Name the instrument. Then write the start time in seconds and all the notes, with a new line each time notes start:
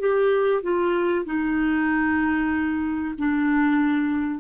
clarinet
0.00 G4
0.63 F4
1.25 D#4
3.18 D4